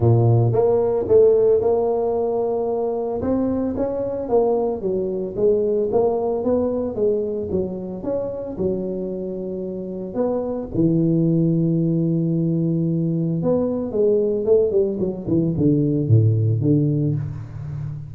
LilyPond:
\new Staff \with { instrumentName = "tuba" } { \time 4/4 \tempo 4 = 112 ais,4 ais4 a4 ais4~ | ais2 c'4 cis'4 | ais4 fis4 gis4 ais4 | b4 gis4 fis4 cis'4 |
fis2. b4 | e1~ | e4 b4 gis4 a8 g8 | fis8 e8 d4 a,4 d4 | }